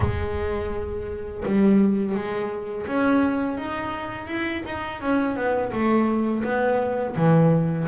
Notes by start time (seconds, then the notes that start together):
0.00 G#3
1.45 G3
2.15 G#3
2.86 C#4
3.57 D#4
4.27 E4
4.65 D#4
5.01 C#4
5.35 B3
5.72 A3
6.44 B3
7.16 E3